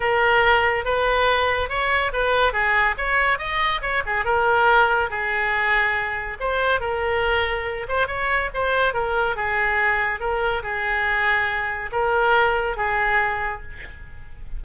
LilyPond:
\new Staff \with { instrumentName = "oboe" } { \time 4/4 \tempo 4 = 141 ais'2 b'2 | cis''4 b'4 gis'4 cis''4 | dis''4 cis''8 gis'8 ais'2 | gis'2. c''4 |
ais'2~ ais'8 c''8 cis''4 | c''4 ais'4 gis'2 | ais'4 gis'2. | ais'2 gis'2 | }